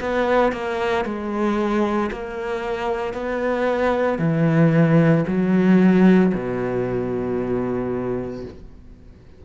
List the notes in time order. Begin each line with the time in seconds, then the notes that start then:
0.00 B3
0.52 A#3
1.05 G#3
2.11 A#3
3.13 B3
4.19 E3
5.27 F#3
6.34 B2